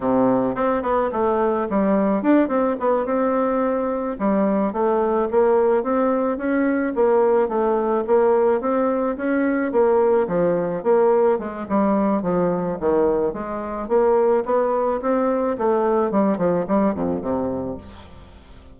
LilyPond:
\new Staff \with { instrumentName = "bassoon" } { \time 4/4 \tempo 4 = 108 c4 c'8 b8 a4 g4 | d'8 c'8 b8 c'2 g8~ | g8 a4 ais4 c'4 cis'8~ | cis'8 ais4 a4 ais4 c'8~ |
c'8 cis'4 ais4 f4 ais8~ | ais8 gis8 g4 f4 dis4 | gis4 ais4 b4 c'4 | a4 g8 f8 g8 f,8 c4 | }